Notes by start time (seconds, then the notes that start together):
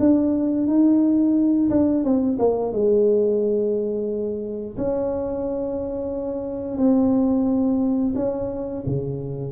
0.00 D4
0.67 D#4
1.70 D4
2.04 C4
2.39 A#3
2.72 G#3
4.77 C#4
6.78 C4
8.15 C#4
8.86 C#3